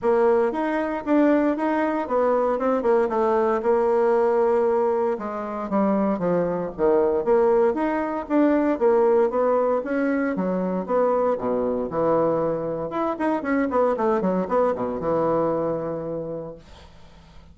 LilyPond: \new Staff \with { instrumentName = "bassoon" } { \time 4/4 \tempo 4 = 116 ais4 dis'4 d'4 dis'4 | b4 c'8 ais8 a4 ais4~ | ais2 gis4 g4 | f4 dis4 ais4 dis'4 |
d'4 ais4 b4 cis'4 | fis4 b4 b,4 e4~ | e4 e'8 dis'8 cis'8 b8 a8 fis8 | b8 b,8 e2. | }